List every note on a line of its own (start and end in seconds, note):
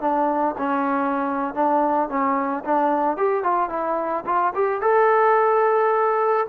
0.00 0.55 D4
0.58 1.54 C#4
1.54 2.08 D4
2.08 2.63 C#4
2.64 3.17 D4
3.17 3.43 G4
3.43 3.69 F4
3.69 4.24 E4
4.25 4.53 F4
4.54 4.81 G4
4.81 6.46 A4